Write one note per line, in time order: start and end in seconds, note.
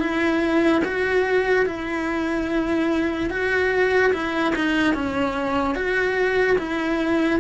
0.00 0.82 E4
0.85 1.66 F#4
1.66 3.30 E4
3.30 4.12 F#4
4.13 4.54 E4
4.55 4.94 D#4
4.94 5.75 C#4
5.75 6.57 F#4
6.58 7.40 E4